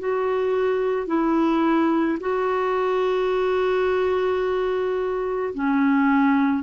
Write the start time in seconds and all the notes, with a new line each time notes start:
0.00 F#4
1.08 E4
2.21 F#4
5.55 C#4